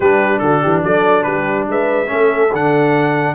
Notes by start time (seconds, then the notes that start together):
0.00 G3 D4 G4 B4
0.39 D3 F#4 A4
0.62 E3 G4
0.83 F#3 A4 D5
1.23 G3 G4 B4
1.68 G#3 B4 E5
2.06 A3 C#4 A4
2.53 D3 D4 F#5